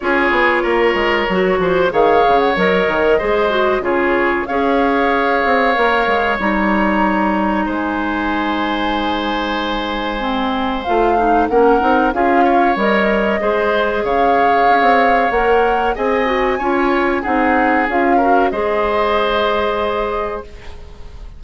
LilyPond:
<<
  \new Staff \with { instrumentName = "flute" } { \time 4/4 \tempo 4 = 94 cis''2. f''8. fis''16 | dis''2 cis''4 f''4~ | f''2 ais''2 | gis''1~ |
gis''4 f''4 fis''4 f''4 | dis''2 f''2 | fis''4 gis''2 fis''4 | f''4 dis''2. | }
  \new Staff \with { instrumentName = "oboe" } { \time 4/4 gis'4 ais'4. c''8 cis''4~ | cis''4 c''4 gis'4 cis''4~ | cis''1 | c''1~ |
c''2 ais'4 gis'8 cis''8~ | cis''4 c''4 cis''2~ | cis''4 dis''4 cis''4 gis'4~ | gis'8 ais'8 c''2. | }
  \new Staff \with { instrumentName = "clarinet" } { \time 4/4 f'2 fis'4 gis'4 | ais'4 gis'8 fis'8 f'4 gis'4~ | gis'4 ais'4 dis'2~ | dis'1 |
c'4 f'8 dis'8 cis'8 dis'8 f'4 | ais'4 gis'2. | ais'4 gis'8 fis'8 f'4 dis'4 | f'8 fis'8 gis'2. | }
  \new Staff \with { instrumentName = "bassoon" } { \time 4/4 cis'8 b8 ais8 gis8 fis8 f8 dis8 cis8 | fis8 dis8 gis4 cis4 cis'4~ | cis'8 c'8 ais8 gis8 g2 | gis1~ |
gis4 a4 ais8 c'8 cis'4 | g4 gis4 cis4 cis'16 c'8. | ais4 c'4 cis'4 c'4 | cis'4 gis2. | }
>>